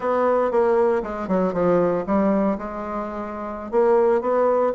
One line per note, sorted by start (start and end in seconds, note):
0.00 0.51 B3
0.51 1.02 A#3
1.02 1.28 G#3
1.28 1.53 F#3
1.53 2.04 F3
2.06 2.57 G3
2.58 3.71 G#3
3.71 4.21 A#3
4.21 4.72 B3